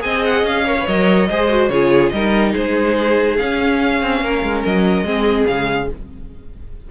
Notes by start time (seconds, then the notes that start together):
0.00 C4 G#4 D#5 G#5
0.25 F#5
0.44 C#4 F5
0.66 A#4 C#5
0.80 B4
0.87 F#3 A#4 D#5
1.30 G#3 G#4 C5
1.49 F#4
1.68 C#3 F4 G#4 C#5
2.10 G3 D#4 A#4 D#5
2.52 G#3 G#4 C5
3.37 C#4 F5
4.02 C4
4.21 A#3 A#4
4.43 G#3
4.65 F#3 D#5
5.03 G#3 C4 G#4
5.47 C#3 G#3 F5